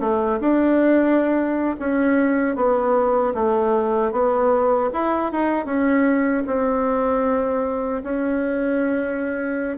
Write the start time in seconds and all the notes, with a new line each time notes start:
0.00 A3
0.40 D4
1.79 C#4
2.55 B3
3.34 A3
4.12 B3
4.93 E4
5.31 D#4
5.65 C#4
6.46 C4
8.03 C#4